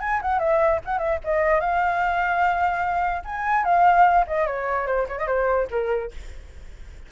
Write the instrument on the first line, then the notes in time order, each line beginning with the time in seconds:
flute
0.00 G#5
0.22 F#5
0.39 E5
0.85 F#5
0.98 E5
1.24 D#5
1.60 F5
3.24 G#5
3.64 F5
4.27 D#5
4.46 C#5
4.86 C5
5.08 C#5
5.18 D#5
5.27 C5
5.71 A#4